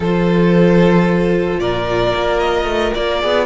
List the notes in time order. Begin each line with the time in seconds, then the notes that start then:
0.00 F3 F4 A4 C5
1.59 A#2 A#4 D5
2.14 A#3
2.39 D#5
2.64 A3
2.94 A#3 D5
3.20 B3 G#4